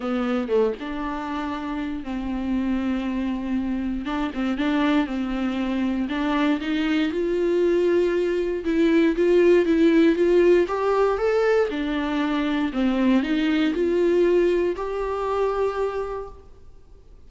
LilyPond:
\new Staff \with { instrumentName = "viola" } { \time 4/4 \tempo 4 = 118 b4 a8 d'2~ d'8 | c'1 | d'8 c'8 d'4 c'2 | d'4 dis'4 f'2~ |
f'4 e'4 f'4 e'4 | f'4 g'4 a'4 d'4~ | d'4 c'4 dis'4 f'4~ | f'4 g'2. | }